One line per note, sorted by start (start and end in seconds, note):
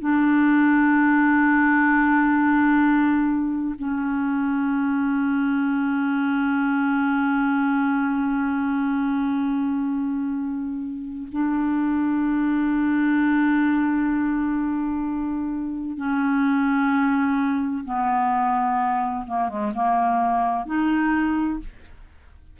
0.00 3.75 D4
3.78 11.28 C#4
11.32 15.97 D4
15.97 17.85 C#4
17.85 19.26 B3
19.27 19.49 A#3
19.49 19.73 G#3
19.74 20.66 A#3
20.66 21.60 D#4